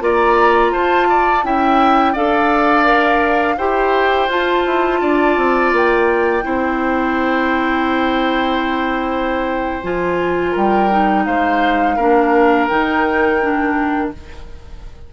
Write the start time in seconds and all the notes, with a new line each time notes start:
0.00 A#3 F4 D5 A#5
0.72 F4 C5 A5
1.09 D5
1.43 C#4 E4 E5 G5
2.12 D4 A4 D5 F5
2.83 A#4
3.57 E4 G4 C5 G5
4.28 F4 A5
4.66 E4
5.01 D4 D5
5.36 C4
5.72 A#3 G5
6.43 C4 E4 C5
9.83 F3 F4 G#5
10.51 G3 A#4 G5
10.90 D#4
11.24 G#3 C5 F5
11.96 A#3 D4 A#4
12.67 D#3 D#4 G5
13.42 D4